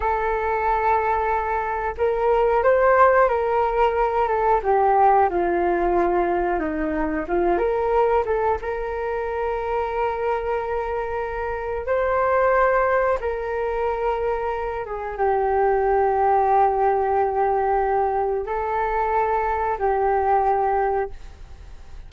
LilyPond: \new Staff \with { instrumentName = "flute" } { \time 4/4 \tempo 4 = 91 a'2. ais'4 | c''4 ais'4. a'8 g'4 | f'2 dis'4 f'8 ais'8~ | ais'8 a'8 ais'2.~ |
ais'2 c''2 | ais'2~ ais'8 gis'8 g'4~ | g'1 | a'2 g'2 | }